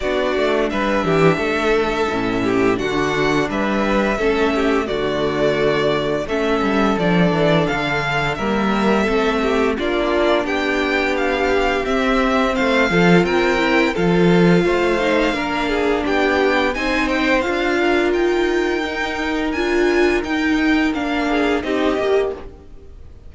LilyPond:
<<
  \new Staff \with { instrumentName = "violin" } { \time 4/4 \tempo 4 = 86 d''4 e''2. | fis''4 e''2 d''4~ | d''4 e''4 d''4 f''4 | e''2 d''4 g''4 |
f''4 e''4 f''4 g''4 | f''2. g''4 | gis''8 g''8 f''4 g''2 | gis''4 g''4 f''4 dis''4 | }
  \new Staff \with { instrumentName = "violin" } { \time 4/4 fis'4 b'8 g'8 a'4. g'8 | fis'4 b'4 a'8 g'8 fis'4~ | fis'4 a'2. | ais'4 a'8 g'8 f'4 g'4~ |
g'2 c''8 a'8 ais'4 | a'4 c''4 ais'8 gis'8 g'4 | c''4. ais'2~ ais'8~ | ais'2~ ais'8 gis'8 g'4 | }
  \new Staff \with { instrumentName = "viola" } { \time 4/4 d'2. cis'4 | d'2 cis'4 a4~ | a4 cis'4 d'2 | ais4 c'4 d'2~ |
d'4 c'4. f'4 e'8 | f'4. dis'8 d'2 | dis'4 f'2 dis'4 | f'4 dis'4 d'4 dis'8 g'8 | }
  \new Staff \with { instrumentName = "cello" } { \time 4/4 b8 a8 g8 e8 a4 a,4 | d4 g4 a4 d4~ | d4 a8 g8 f8 e8 d4 | g4 a4 ais4 b4~ |
b4 c'4 a8 f8 c'4 | f4 a4 ais4 b4 | c'4 d'4 dis'2 | d'4 dis'4 ais4 c'8 ais8 | }
>>